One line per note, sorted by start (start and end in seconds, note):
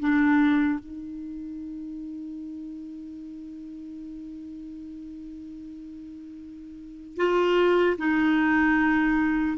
0.00 0.80 D4
0.80 7.17 D#4
7.17 7.97 F4
7.98 9.58 D#4